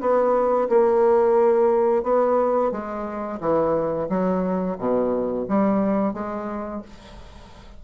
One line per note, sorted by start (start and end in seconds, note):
0.00 0.68 B3
0.68 2.03 A#3
2.03 2.71 B3
2.71 3.39 G#3
3.40 4.08 E3
4.09 4.77 F#3
4.78 5.46 B2
5.48 6.13 G3
6.13 6.82 G#3